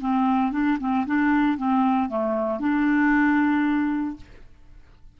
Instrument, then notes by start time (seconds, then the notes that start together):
clarinet
0.00 C4
0.51 D4
0.79 C4
1.06 D4
1.57 C4
2.09 A3
2.59 D4